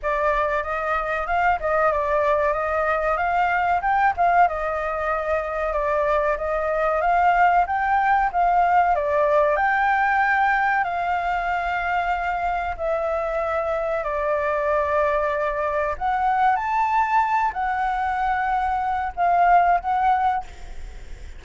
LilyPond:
\new Staff \with { instrumentName = "flute" } { \time 4/4 \tempo 4 = 94 d''4 dis''4 f''8 dis''8 d''4 | dis''4 f''4 g''8 f''8 dis''4~ | dis''4 d''4 dis''4 f''4 | g''4 f''4 d''4 g''4~ |
g''4 f''2. | e''2 d''2~ | d''4 fis''4 a''4. fis''8~ | fis''2 f''4 fis''4 | }